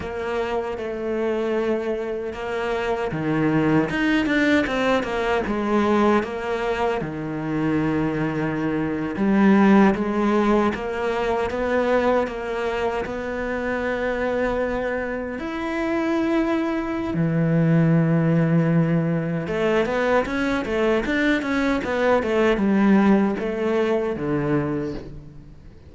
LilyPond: \new Staff \with { instrumentName = "cello" } { \time 4/4 \tempo 4 = 77 ais4 a2 ais4 | dis4 dis'8 d'8 c'8 ais8 gis4 | ais4 dis2~ dis8. g16~ | g8. gis4 ais4 b4 ais16~ |
ais8. b2. e'16~ | e'2 e2~ | e4 a8 b8 cis'8 a8 d'8 cis'8 | b8 a8 g4 a4 d4 | }